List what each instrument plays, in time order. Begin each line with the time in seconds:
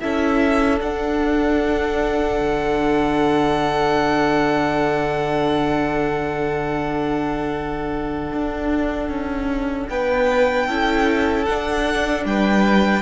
0.00 cello C#4, viola E4, violin A4 E5
0.81 cello D4, viola D4, violin F#5
2.40 cello D3
8.33 cello D4
9.09 cello C#4
9.89 cello B3, violin B4 G5
10.67 cello C#4, viola E4, violin A4
11.45 viola D4, cello D4, violin F#5
12.25 cello G3, violin B4 G5